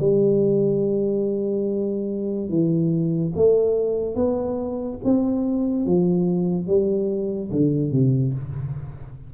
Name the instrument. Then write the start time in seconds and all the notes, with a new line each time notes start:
tuba
0.00 G3
2.49 E3
3.35 A3
4.15 B3
5.04 C4
5.86 F3
6.67 G3
7.51 D3
7.92 C3